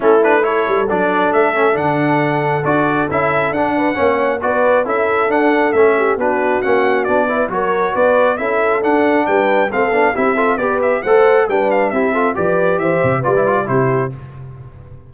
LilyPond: <<
  \new Staff \with { instrumentName = "trumpet" } { \time 4/4 \tempo 4 = 136 a'8 b'8 cis''4 d''4 e''4 | fis''2 d''4 e''4 | fis''2 d''4 e''4 | fis''4 e''4 b'4 fis''4 |
d''4 cis''4 d''4 e''4 | fis''4 g''4 f''4 e''4 | d''8 e''8 fis''4 g''8 f''8 e''4 | d''4 e''4 d''4 c''4 | }
  \new Staff \with { instrumentName = "horn" } { \time 4/4 e'4 a'2.~ | a'1~ | a'8 b'8 cis''4 b'4 a'4~ | a'4. g'8 fis'2~ |
fis'8 b'8 ais'4 b'4 a'4~ | a'4 b'4 a'4 g'8 a'8 | b'4 c''4 b'4 g'8 a'8 | b'4 c''4 b'4 g'4 | }
  \new Staff \with { instrumentName = "trombone" } { \time 4/4 cis'8 d'8 e'4 d'4. cis'8 | d'2 fis'4 e'4 | d'4 cis'4 fis'4 e'4 | d'4 cis'4 d'4 cis'4 |
d'8 e'8 fis'2 e'4 | d'2 c'8 d'8 e'8 f'8 | g'4 a'4 d'4 e'8 f'8 | g'2 f'16 e'16 f'8 e'4 | }
  \new Staff \with { instrumentName = "tuba" } { \time 4/4 a4. g8 fis4 a4 | d2 d'4 cis'4 | d'4 ais4 b4 cis'4 | d'4 a4 b4 ais4 |
b4 fis4 b4 cis'4 | d'4 g4 a8 b8 c'4 | b4 a4 g4 c'4 | f4 e8 c8 g4 c4 | }
>>